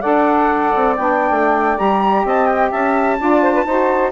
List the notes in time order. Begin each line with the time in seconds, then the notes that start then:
0.00 D4 A4 D5 F#5
0.74 C4
0.96 B3 D4 G5
1.30 A3
1.77 G3 G4 A#5
2.24 C4 D#5 A5
2.46 G5
2.70 C#4 E5 A5
3.18 D4 F4 D5
3.42 C5
3.53 B4
3.65 D#4 F#4 C5